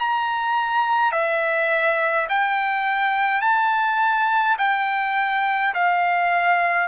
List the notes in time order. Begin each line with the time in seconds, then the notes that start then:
0.00 A#5
1.12 E5
2.29 G5
3.41 A5
4.59 G5
5.75 F5